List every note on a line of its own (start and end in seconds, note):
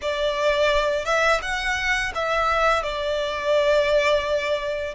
0.01 1.05 D5
1.05 1.40 E5
1.41 2.12 F#5
2.14 2.82 E5
2.82 4.94 D5